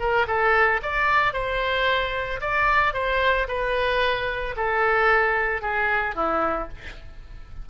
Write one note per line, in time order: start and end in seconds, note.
0.00 0.27 A#4
0.28 0.81 A4
0.83 1.33 D5
1.33 2.41 C5
2.41 2.94 D5
2.94 3.47 C5
3.48 4.56 B4
4.57 5.62 A4
5.62 6.16 G#4
6.16 6.69 E4